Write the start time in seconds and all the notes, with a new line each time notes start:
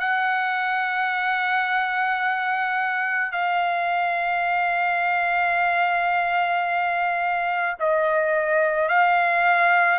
0.00 F#5
3.32 F5
7.80 D#5
8.89 F5